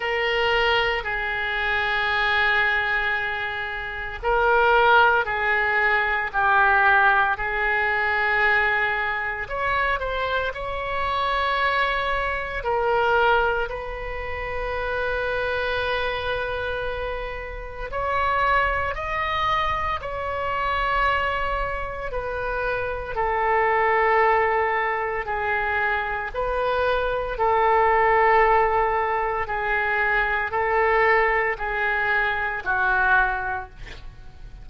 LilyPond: \new Staff \with { instrumentName = "oboe" } { \time 4/4 \tempo 4 = 57 ais'4 gis'2. | ais'4 gis'4 g'4 gis'4~ | gis'4 cis''8 c''8 cis''2 | ais'4 b'2.~ |
b'4 cis''4 dis''4 cis''4~ | cis''4 b'4 a'2 | gis'4 b'4 a'2 | gis'4 a'4 gis'4 fis'4 | }